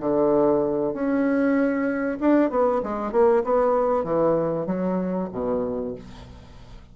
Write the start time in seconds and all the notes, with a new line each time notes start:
0.00 D3
0.94 C#4
2.21 D4
2.51 B3
2.83 G#3
3.12 A#3
3.44 B3
4.04 E3
4.66 F#3
5.33 B2